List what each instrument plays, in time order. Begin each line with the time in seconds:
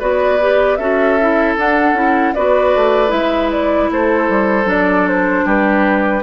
0.00 bassoon B3, clarinet F#4, oboe B4, flute D5
0.41 clarinet G4
0.77 bassoon C#4, clarinet F#4, oboe A4, flute E5
1.21 clarinet E4
1.58 bassoon D4, clarinet D4, flute F#5
1.93 bassoon C#4, clarinet E4
2.34 bassoon B3, clarinet F#4, oboe B4, flute D5
2.75 bassoon A3
3.08 bassoon G#3, clarinet E4, flute E5
3.51 flute D5
3.91 bassoon A3, oboe A4, flute C5
4.29 bassoon G3
4.65 bassoon F#3, clarinet D4, flute D5
5.09 flute C5
5.46 bassoon G3, oboe G4, flute B4